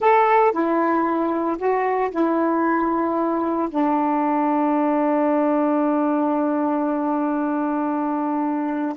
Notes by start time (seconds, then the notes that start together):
0.00 A4
0.52 E4
1.57 F#4
2.11 E4
3.70 D4